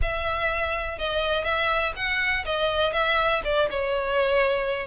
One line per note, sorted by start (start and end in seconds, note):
0.02 0.98 E5
0.98 1.44 D#5
1.44 1.93 E5
1.96 2.44 F#5
2.45 2.92 D#5
2.92 3.41 E5
3.44 3.69 D5
3.70 4.86 C#5